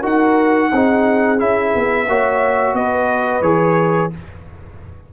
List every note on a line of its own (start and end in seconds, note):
0.00 0.71 D#4
0.00 0.70 F#4
0.00 0.68 A#4
0.00 1.39 F#5
0.72 1.40 C4
0.72 1.37 D#4
0.72 2.08 G#4
1.37 1.74 C#4
1.37 2.06 E4
1.37 2.75 E5
1.74 2.07 B3
2.07 2.73 A#3
2.07 3.42 F#4
2.07 2.76 C#5
2.73 3.41 B3
2.73 4.12 B4
2.73 3.42 D#5
3.41 4.09 E3
3.41 4.10 G#4
3.41 4.10 C#5